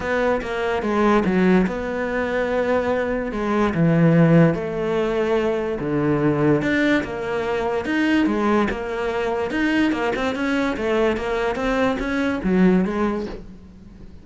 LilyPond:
\new Staff \with { instrumentName = "cello" } { \time 4/4 \tempo 4 = 145 b4 ais4 gis4 fis4 | b1 | gis4 e2 a4~ | a2 d2 |
d'4 ais2 dis'4 | gis4 ais2 dis'4 | ais8 c'8 cis'4 a4 ais4 | c'4 cis'4 fis4 gis4 | }